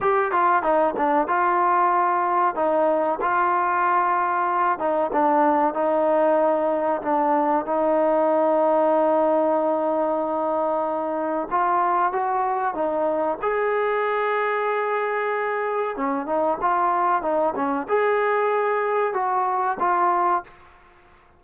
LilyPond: \new Staff \with { instrumentName = "trombone" } { \time 4/4 \tempo 4 = 94 g'8 f'8 dis'8 d'8 f'2 | dis'4 f'2~ f'8 dis'8 | d'4 dis'2 d'4 | dis'1~ |
dis'2 f'4 fis'4 | dis'4 gis'2.~ | gis'4 cis'8 dis'8 f'4 dis'8 cis'8 | gis'2 fis'4 f'4 | }